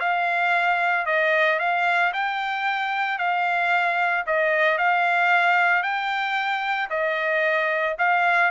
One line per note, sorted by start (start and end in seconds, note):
0.00 1.06 F5
1.06 1.59 D#5
1.60 2.13 F5
2.13 3.19 G5
3.19 4.25 F5
4.26 4.78 D#5
4.78 5.83 F5
5.83 6.89 G5
6.90 7.96 D#5
7.99 8.51 F5